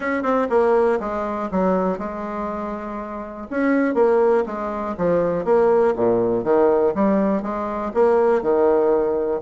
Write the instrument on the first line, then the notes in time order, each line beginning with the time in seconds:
bassoon
0.00 C#4
0.22 C4
0.49 A#3
0.99 G#3
1.51 F#3
1.98 G#3
3.50 C#4
3.94 A#3
4.46 G#3
4.97 F3
5.44 A#3
5.96 A#2
6.43 D#3
6.94 G3
7.42 G#3
7.94 A#3
8.41 D#3